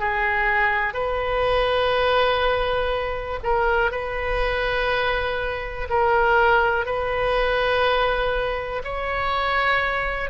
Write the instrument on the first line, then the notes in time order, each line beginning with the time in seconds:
oboe
0.00 G#4
0.94 B4
3.43 A#4
3.92 B4
5.90 A#4
6.86 B4
8.84 C#5